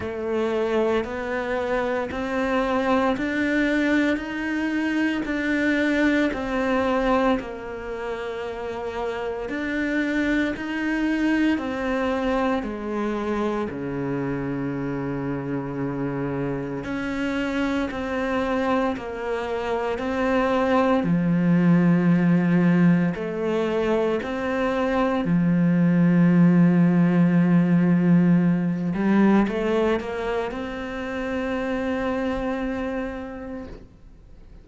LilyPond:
\new Staff \with { instrumentName = "cello" } { \time 4/4 \tempo 4 = 57 a4 b4 c'4 d'4 | dis'4 d'4 c'4 ais4~ | ais4 d'4 dis'4 c'4 | gis4 cis2. |
cis'4 c'4 ais4 c'4 | f2 a4 c'4 | f2.~ f8 g8 | a8 ais8 c'2. | }